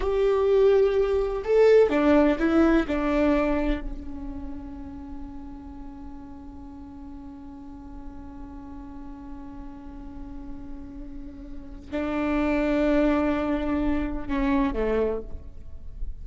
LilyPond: \new Staff \with { instrumentName = "viola" } { \time 4/4 \tempo 4 = 126 g'2. a'4 | d'4 e'4 d'2 | cis'1~ | cis'1~ |
cis'1~ | cis'1~ | cis'4 d'2.~ | d'2 cis'4 a4 | }